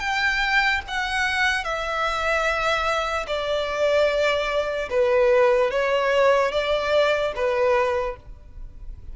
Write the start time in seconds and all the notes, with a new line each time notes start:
0.00 G5
0.88 F#5
1.64 E5
3.27 D5
4.90 B4
5.71 C#5
6.52 D5
7.35 B4